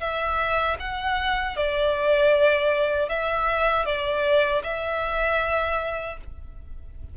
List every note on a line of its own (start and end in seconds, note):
0.00 0.77 E5
0.80 1.57 F#5
1.57 3.09 D5
3.09 3.86 E5
3.86 4.63 D5
4.64 6.17 E5